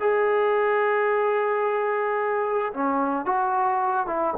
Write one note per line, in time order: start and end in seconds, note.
0.00 2.73 G#4
2.73 3.26 C#4
3.26 4.07 F#4
4.07 4.34 E4